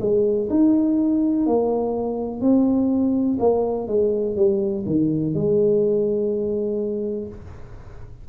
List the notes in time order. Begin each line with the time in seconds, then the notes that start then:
0.00 G#3
0.50 D#4
1.46 A#3
2.41 C4
3.39 A#3
3.87 G#3
4.35 G3
4.86 D#3
5.34 G#3